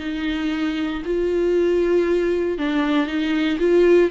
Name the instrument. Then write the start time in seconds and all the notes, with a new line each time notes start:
viola
0.00 D#4
1.06 F4
2.59 D4
3.07 D#4
3.60 F4